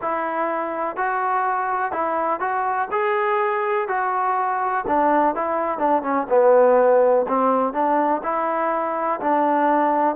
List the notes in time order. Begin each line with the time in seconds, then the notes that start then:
0.01 E4
0.96 F#4
1.91 E4
2.39 F#4
2.91 G#4
3.88 F#4
4.87 D4
5.35 E4
5.78 D4
6.02 C#4
6.29 B3
7.28 C4
7.73 D4
8.23 E4
9.20 D4